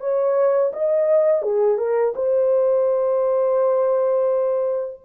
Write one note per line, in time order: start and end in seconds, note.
0.00 0.71 C#5
0.73 1.42 D#5
1.42 1.78 G#4
1.78 2.13 A#4
2.15 5.01 C5